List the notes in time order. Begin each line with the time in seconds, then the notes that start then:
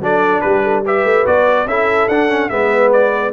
0.00 F#3 D4 A4 D5
0.41 G3 G4 B4
0.63 A4
0.86 G4 B4 E5
1.04 A3
1.25 B3 F#4 D5
1.66 C#4 E4 A4 E5
2.08 D4 F#5
2.29 C#4
2.49 G#3 B3 B4 E5
2.92 D5